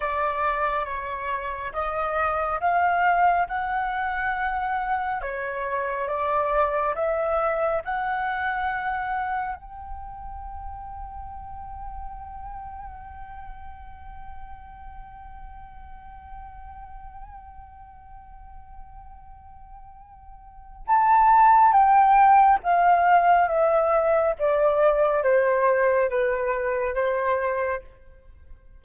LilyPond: \new Staff \with { instrumentName = "flute" } { \time 4/4 \tempo 4 = 69 d''4 cis''4 dis''4 f''4 | fis''2 cis''4 d''4 | e''4 fis''2 g''4~ | g''1~ |
g''1~ | g''1 | a''4 g''4 f''4 e''4 | d''4 c''4 b'4 c''4 | }